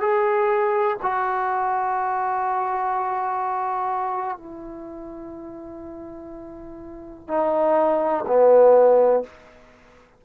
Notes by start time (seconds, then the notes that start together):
0.00 G#4
1.02 F#4
4.37 E4
7.28 D#4
8.27 B3